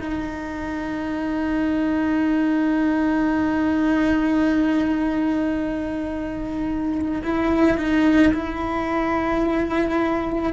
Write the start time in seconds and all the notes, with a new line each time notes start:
0.00 D#4
7.23 E4
7.77 D#4
8.33 E4